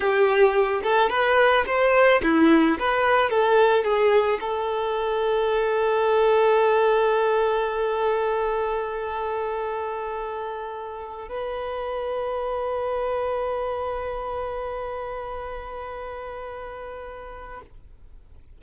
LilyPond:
\new Staff \with { instrumentName = "violin" } { \time 4/4 \tempo 4 = 109 g'4. a'8 b'4 c''4 | e'4 b'4 a'4 gis'4 | a'1~ | a'1~ |
a'1~ | a'8 b'2.~ b'8~ | b'1~ | b'1 | }